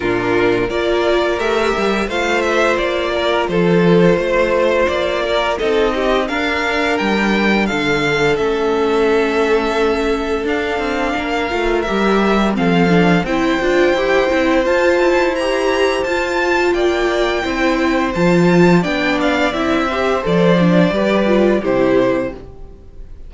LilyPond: <<
  \new Staff \with { instrumentName = "violin" } { \time 4/4 \tempo 4 = 86 ais'4 d''4 e''4 f''8 e''8 | d''4 c''2 d''4 | dis''4 f''4 g''4 f''4 | e''2. f''4~ |
f''4 e''4 f''4 g''4~ | g''4 a''4 ais''4 a''4 | g''2 a''4 g''8 f''8 | e''4 d''2 c''4 | }
  \new Staff \with { instrumentName = "violin" } { \time 4/4 f'4 ais'2 c''4~ | c''8 ais'8 a'4 c''4. ais'8 | a'8 g'8 ais'2 a'4~ | a'1 |
ais'2 a'4 c''4~ | c''1 | d''4 c''2 d''4~ | d''8 c''4. b'4 g'4 | }
  \new Staff \with { instrumentName = "viola" } { \time 4/4 d'4 f'4 g'4 f'4~ | f'1 | dis'4 d'2. | cis'2. d'4~ |
d'8 f'8 g'4 c'8 d'8 e'8 f'8 | g'8 e'8 f'4 g'4 f'4~ | f'4 e'4 f'4 d'4 | e'8 g'8 a'8 d'8 g'8 f'8 e'4 | }
  \new Staff \with { instrumentName = "cello" } { \time 4/4 ais,4 ais4 a8 g8 a4 | ais4 f4 a4 ais4 | c'4 d'4 g4 d4 | a2. d'8 c'8 |
ais8 a8 g4 f4 c'8 d'8 | e'8 c'8 f'8 e'4. f'4 | ais4 c'4 f4 b4 | c'4 f4 g4 c4 | }
>>